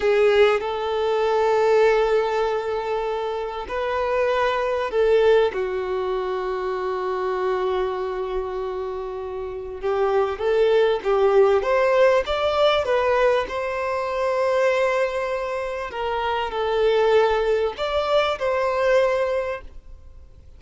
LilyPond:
\new Staff \with { instrumentName = "violin" } { \time 4/4 \tempo 4 = 98 gis'4 a'2.~ | a'2 b'2 | a'4 fis'2.~ | fis'1 |
g'4 a'4 g'4 c''4 | d''4 b'4 c''2~ | c''2 ais'4 a'4~ | a'4 d''4 c''2 | }